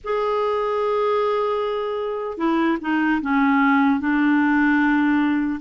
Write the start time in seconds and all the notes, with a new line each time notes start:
0.04 G#4
2.37 E4
2.81 D#4
3.21 C#4
4.00 D4